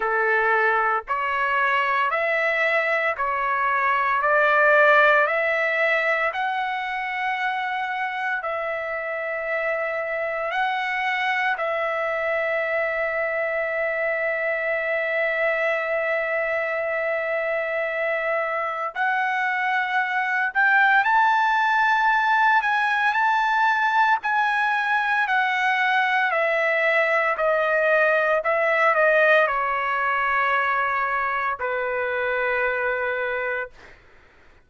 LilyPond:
\new Staff \with { instrumentName = "trumpet" } { \time 4/4 \tempo 4 = 57 a'4 cis''4 e''4 cis''4 | d''4 e''4 fis''2 | e''2 fis''4 e''4~ | e''1~ |
e''2 fis''4. g''8 | a''4. gis''8 a''4 gis''4 | fis''4 e''4 dis''4 e''8 dis''8 | cis''2 b'2 | }